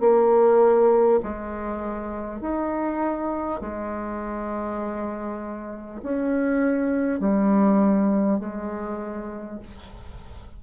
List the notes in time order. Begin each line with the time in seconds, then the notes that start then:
0.00 A#3
1.23 G#3
2.41 D#4
3.61 G#3
6.03 C#4
7.19 G3
8.39 G#3